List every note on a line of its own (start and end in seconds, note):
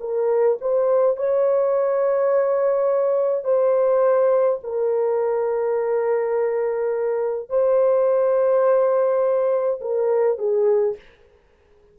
0.00 0.58 A#4
0.61 1.16 C5
1.16 3.44 C#5
3.44 4.59 C5
4.63 7.49 A#4
7.49 9.80 C5
9.81 10.38 A#4
10.38 10.96 G#4